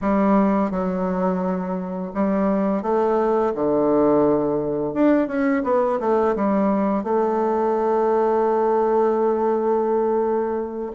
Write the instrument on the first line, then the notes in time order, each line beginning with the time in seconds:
bassoon
0.01 G3
0.71 F#3
2.14 G3
2.82 A3
3.55 D3
4.93 D4
5.27 C#4
5.63 B3
5.99 A3
6.35 G3
7.03 A3